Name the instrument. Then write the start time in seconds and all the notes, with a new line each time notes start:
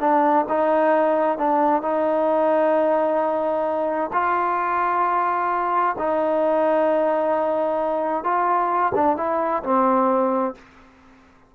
trombone
0.00 D4
0.49 D#4
1.38 D4
1.82 D#4
4.13 F4
5.99 D#4
8.24 F4
8.95 D4
9.17 E4
9.63 C4